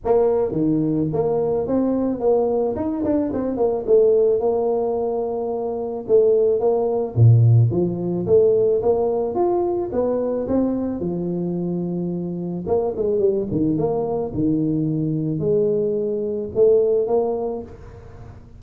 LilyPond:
\new Staff \with { instrumentName = "tuba" } { \time 4/4 \tempo 4 = 109 ais4 dis4 ais4 c'4 | ais4 dis'8 d'8 c'8 ais8 a4 | ais2. a4 | ais4 ais,4 f4 a4 |
ais4 f'4 b4 c'4 | f2. ais8 gis8 | g8 dis8 ais4 dis2 | gis2 a4 ais4 | }